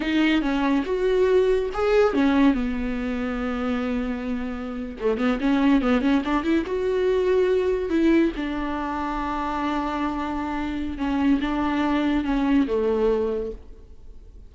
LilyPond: \new Staff \with { instrumentName = "viola" } { \time 4/4 \tempo 4 = 142 dis'4 cis'4 fis'2 | gis'4 cis'4 b2~ | b2.~ b8. a16~ | a16 b8 cis'4 b8 cis'8 d'8 e'8 fis'16~ |
fis'2~ fis'8. e'4 d'16~ | d'1~ | d'2 cis'4 d'4~ | d'4 cis'4 a2 | }